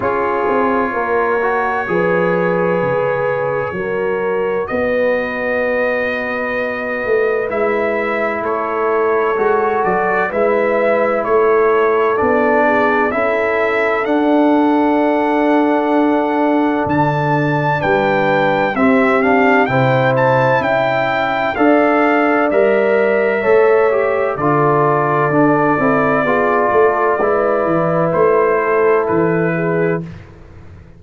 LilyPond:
<<
  \new Staff \with { instrumentName = "trumpet" } { \time 4/4 \tempo 4 = 64 cis''1~ | cis''4 dis''2. | e''4 cis''4. d''8 e''4 | cis''4 d''4 e''4 fis''4~ |
fis''2 a''4 g''4 | e''8 f''8 g''8 a''8 g''4 f''4 | e''2 d''2~ | d''2 c''4 b'4 | }
  \new Staff \with { instrumentName = "horn" } { \time 4/4 gis'4 ais'4 b'2 | ais'4 b'2.~ | b'4 a'2 b'4 | a'4. gis'8 a'2~ |
a'2. b'4 | g'4 c''4 e''4 d''4~ | d''4 cis''4 a'2 | gis'8 a'8 b'4. a'4 gis'8 | }
  \new Staff \with { instrumentName = "trombone" } { \time 4/4 f'4. fis'8 gis'2 | fis'1 | e'2 fis'4 e'4~ | e'4 d'4 e'4 d'4~ |
d'1 | c'8 d'8 e'2 a'4 | ais'4 a'8 g'8 f'4 d'8 e'8 | f'4 e'2. | }
  \new Staff \with { instrumentName = "tuba" } { \time 4/4 cis'8 c'8 ais4 f4 cis4 | fis4 b2~ b8 a8 | gis4 a4 gis8 fis8 gis4 | a4 b4 cis'4 d'4~ |
d'2 d4 g4 | c'4 c4 cis'4 d'4 | g4 a4 d4 d'8 c'8 | b8 a8 gis8 e8 a4 e4 | }
>>